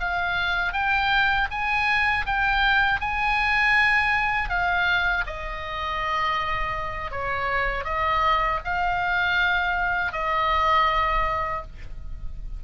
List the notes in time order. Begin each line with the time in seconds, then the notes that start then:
0.00 F5
0.73 G5
1.51 G#5
2.26 G5
3.00 G#5
4.49 F5
5.27 D#5
7.11 C#5
7.85 D#5
8.65 F5
10.12 D#5